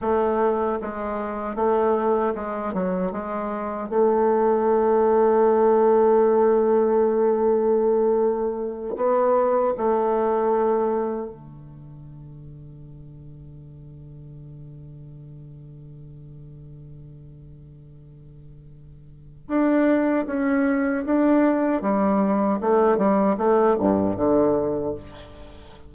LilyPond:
\new Staff \with { instrumentName = "bassoon" } { \time 4/4 \tempo 4 = 77 a4 gis4 a4 gis8 fis8 | gis4 a2.~ | a2.~ a8 b8~ | b8 a2 d4.~ |
d1~ | d1~ | d4 d'4 cis'4 d'4 | g4 a8 g8 a8 g,8 d4 | }